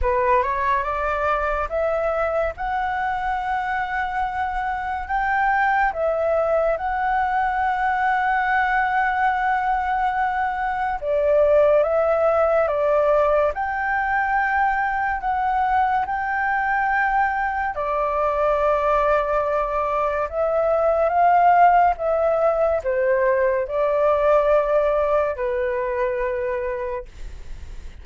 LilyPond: \new Staff \with { instrumentName = "flute" } { \time 4/4 \tempo 4 = 71 b'8 cis''8 d''4 e''4 fis''4~ | fis''2 g''4 e''4 | fis''1~ | fis''4 d''4 e''4 d''4 |
g''2 fis''4 g''4~ | g''4 d''2. | e''4 f''4 e''4 c''4 | d''2 b'2 | }